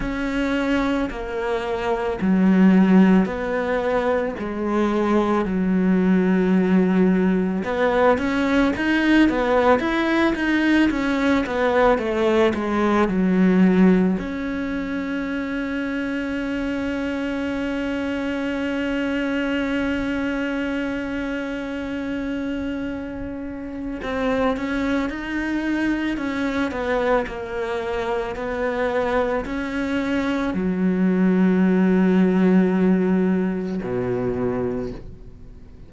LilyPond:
\new Staff \with { instrumentName = "cello" } { \time 4/4 \tempo 4 = 55 cis'4 ais4 fis4 b4 | gis4 fis2 b8 cis'8 | dis'8 b8 e'8 dis'8 cis'8 b8 a8 gis8 | fis4 cis'2.~ |
cis'1~ | cis'2 c'8 cis'8 dis'4 | cis'8 b8 ais4 b4 cis'4 | fis2. b,4 | }